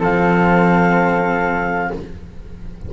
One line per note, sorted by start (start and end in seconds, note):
0.00 1.90 F3
0.00 1.91 C4
0.00 1.90 A4
0.00 1.93 F5